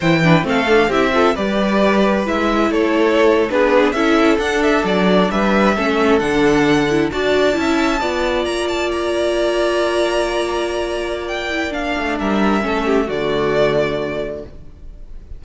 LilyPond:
<<
  \new Staff \with { instrumentName = "violin" } { \time 4/4 \tempo 4 = 133 g''4 f''4 e''4 d''4~ | d''4 e''4 cis''4.~ cis''16 b'16~ | b'8. e''4 fis''8 e''8 d''4 e''16~ | e''4.~ e''16 fis''2 a''16~ |
a''2~ a''8. ais''8 a''8 ais''16~ | ais''1~ | ais''4 g''4 f''4 e''4~ | e''4 d''2. | }
  \new Staff \with { instrumentName = "violin" } { \time 4/4 c''8 b'8 a'4 g'8 a'8 b'4~ | b'2 a'4.~ a'16 gis'16~ | gis'8. a'2. b'16~ | b'8. a'2. d''16~ |
d''8. e''4 d''2~ d''16~ | d''1~ | d''2. ais'4 | a'8 g'8 fis'2. | }
  \new Staff \with { instrumentName = "viola" } { \time 4/4 e'8 d'8 c'8 d'8 e'8 f'8 g'4~ | g'4 e'2~ e'8. d'16~ | d'8. e'4 d'2~ d'16~ | d'8. cis'4 d'4. e'8 fis'16~ |
fis'8. e'4 f'2~ f'16~ | f'1~ | f'4. e'8 d'2 | cis'4 a2. | }
  \new Staff \with { instrumentName = "cello" } { \time 4/4 e4 a4 c'4 g4~ | g4 gis4 a4.~ a16 b16~ | b8. cis'4 d'4 fis4 g16~ | g8. a4 d2 d'16~ |
d'8. cis'4 b4 ais4~ ais16~ | ais1~ | ais2~ ais8 a8 g4 | a4 d2. | }
>>